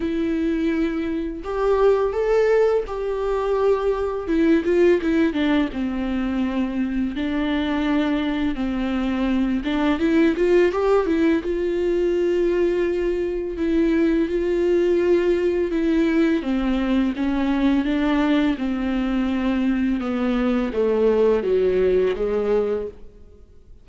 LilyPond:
\new Staff \with { instrumentName = "viola" } { \time 4/4 \tempo 4 = 84 e'2 g'4 a'4 | g'2 e'8 f'8 e'8 d'8 | c'2 d'2 | c'4. d'8 e'8 f'8 g'8 e'8 |
f'2. e'4 | f'2 e'4 c'4 | cis'4 d'4 c'2 | b4 a4 fis4 gis4 | }